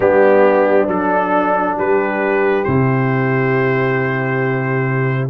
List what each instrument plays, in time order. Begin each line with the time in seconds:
0.00 tuba G3, trombone B3, horn D4, trumpet G4
0.87 tuba F#3, trombone D4, trumpet A4
1.77 tuba G3, horn G4, trumpet B4
2.63 tuba C3, trombone E4, trumpet C5